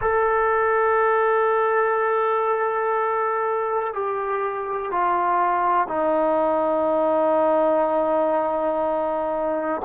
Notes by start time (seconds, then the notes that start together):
0.00 A4
3.93 G4
4.91 F4
5.87 D#4